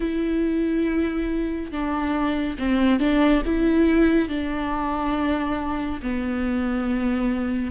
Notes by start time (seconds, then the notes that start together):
0.00 E4
1.71 D4
2.58 C4
2.99 D4
3.45 E4
4.29 D4
6.02 B3